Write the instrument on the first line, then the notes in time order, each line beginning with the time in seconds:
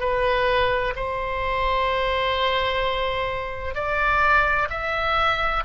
oboe
0.00 B4
0.96 C5
3.75 D5
4.70 E5